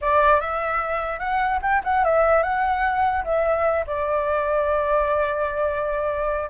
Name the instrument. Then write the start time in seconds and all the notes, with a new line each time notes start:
flute
0.01 D5
0.40 E5
1.19 F#5
1.62 G5
1.84 F#5
2.04 E5
2.43 F#5
3.24 E5
3.86 D5